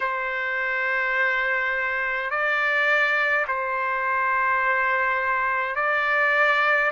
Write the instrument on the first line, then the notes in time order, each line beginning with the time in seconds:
trumpet
0.00 C5
2.30 D5
3.47 C5
5.75 D5